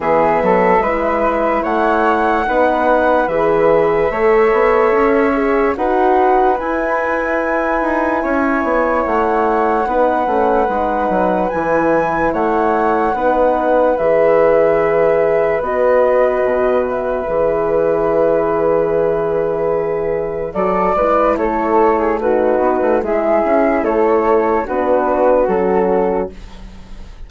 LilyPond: <<
  \new Staff \with { instrumentName = "flute" } { \time 4/4 \tempo 4 = 73 e''2 fis''2 | e''2. fis''4 | gis''2. fis''4~ | fis''2 gis''4 fis''4~ |
fis''4 e''2 dis''4~ | dis''8 e''2.~ e''8~ | e''4 d''4 cis''4 b'4 | e''4 cis''4 b'4 a'4 | }
  \new Staff \with { instrumentName = "flute" } { \time 4/4 gis'8 a'8 b'4 cis''4 b'4~ | b'4 cis''2 b'4~ | b'2 cis''2 | b'2. cis''4 |
b'1~ | b'1~ | b'4 a'8 b'8 a'8. gis'16 fis'4 | gis'4 a'4 fis'2 | }
  \new Staff \with { instrumentName = "horn" } { \time 4/4 b4 e'2 dis'4 | gis'4 a'4. gis'8 fis'4 | e'1 | dis'8 cis'8 dis'4 e'2 |
dis'4 gis'2 fis'4~ | fis'4 gis'2.~ | gis'4 fis'8 e'4. dis'4 | e'2 d'4 cis'4 | }
  \new Staff \with { instrumentName = "bassoon" } { \time 4/4 e8 fis8 gis4 a4 b4 | e4 a8 b8 cis'4 dis'4 | e'4. dis'8 cis'8 b8 a4 | b8 a8 gis8 fis8 e4 a4 |
b4 e2 b4 | b,4 e2.~ | e4 fis8 gis8 a4. b16 a16 | gis8 cis'8 a4 b4 fis4 | }
>>